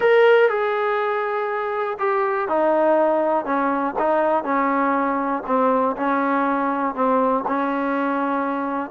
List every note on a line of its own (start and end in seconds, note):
0.00 0.49 A#4
0.49 1.97 G#4
1.98 2.48 G4
2.48 3.45 D#4
3.45 3.94 C#4
3.98 4.44 D#4
4.44 5.43 C#4
5.46 5.95 C4
5.96 6.94 C#4
6.94 7.44 C4
7.47 8.90 C#4